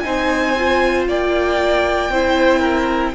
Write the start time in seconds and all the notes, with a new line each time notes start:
0.00 C4 D#4 C5 G#5
0.58 F4
1.07 A#3 D5 G5
2.10 C4 E4 C5
2.60 A#4